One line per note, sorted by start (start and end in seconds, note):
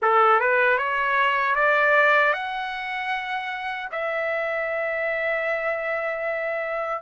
0.02 0.40 A4
0.40 0.78 B4
0.78 1.55 C#5
1.55 2.33 D5
2.33 3.89 F#5
3.91 7.02 E5